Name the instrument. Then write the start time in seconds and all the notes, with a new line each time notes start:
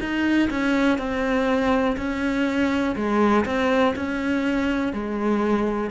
cello
0.00 D#4
0.51 C#4
0.98 C4
1.97 C#4
2.96 G#3
3.46 C4
3.96 C#4
4.94 G#3